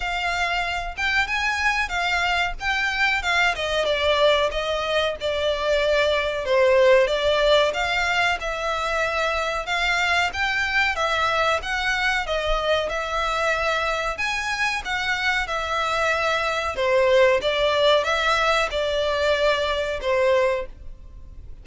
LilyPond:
\new Staff \with { instrumentName = "violin" } { \time 4/4 \tempo 4 = 93 f''4. g''8 gis''4 f''4 | g''4 f''8 dis''8 d''4 dis''4 | d''2 c''4 d''4 | f''4 e''2 f''4 |
g''4 e''4 fis''4 dis''4 | e''2 gis''4 fis''4 | e''2 c''4 d''4 | e''4 d''2 c''4 | }